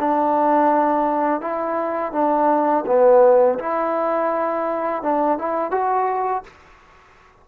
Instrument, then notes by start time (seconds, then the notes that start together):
trombone
0.00 D4
1.41 E4
2.13 D4
2.87 B3
3.59 E4
5.03 D4
5.39 E4
5.71 F#4